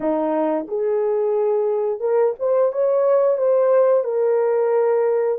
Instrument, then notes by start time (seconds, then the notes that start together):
horn
0.00 D#4
0.67 G#4
2.00 A#4
2.39 C5
2.72 C#5
3.37 C5
4.04 A#4